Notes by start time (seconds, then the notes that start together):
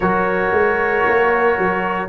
0.00 F#3 F#4 A#4 C#5
0.52 G#3
1.08 A#3
1.58 F#3